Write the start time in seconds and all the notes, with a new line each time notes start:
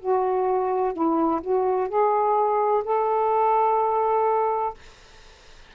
0.00 F#4
0.94 E4
1.42 F#4
1.89 G#4
2.84 A4